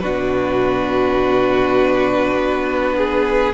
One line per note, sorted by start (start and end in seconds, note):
0.00 2.35 B2
0.00 3.54 D4
0.00 2.96 F#4
0.00 3.53 B4
2.35 3.53 B3
2.97 3.54 G#4